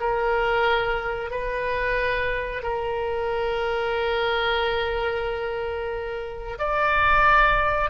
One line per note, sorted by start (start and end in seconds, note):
0.00 1.30 A#4
1.30 2.62 B4
2.63 6.58 A#4
6.58 7.90 D5